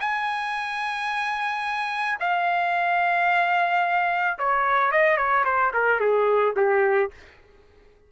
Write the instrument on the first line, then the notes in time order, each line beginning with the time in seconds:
trumpet
0.00 G#5
2.20 F5
4.38 C#5
4.91 D#5
5.17 C#5
5.44 C5
5.73 A#4
6.00 G#4
6.56 G4